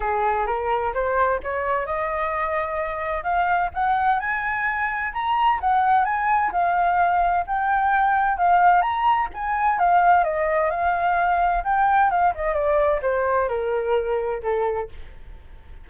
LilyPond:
\new Staff \with { instrumentName = "flute" } { \time 4/4 \tempo 4 = 129 gis'4 ais'4 c''4 cis''4 | dis''2. f''4 | fis''4 gis''2 ais''4 | fis''4 gis''4 f''2 |
g''2 f''4 ais''4 | gis''4 f''4 dis''4 f''4~ | f''4 g''4 f''8 dis''8 d''4 | c''4 ais'2 a'4 | }